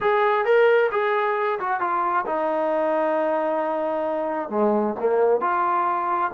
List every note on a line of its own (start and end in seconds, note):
0.00 0.45 G#4
0.45 0.90 A#4
0.91 1.59 G#4
1.59 1.80 F#4
1.80 2.25 F4
2.26 4.49 D#4
4.49 4.94 G#3
4.99 5.40 A#3
5.40 6.31 F4